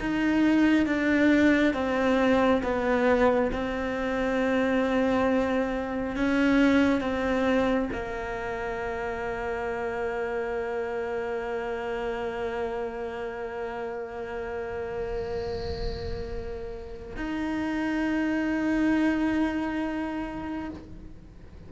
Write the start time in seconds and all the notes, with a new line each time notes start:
0.00 D#4
0.86 D4
1.74 C4
2.63 B3
3.53 C4
6.16 C#4
7.01 C4
7.93 A#3
17.17 D#4